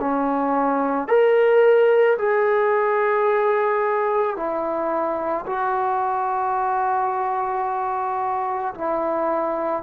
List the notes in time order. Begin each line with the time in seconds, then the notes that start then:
0.00 C#4
1.08 A#4
2.18 G#4
4.36 E4
5.46 F#4
8.75 E4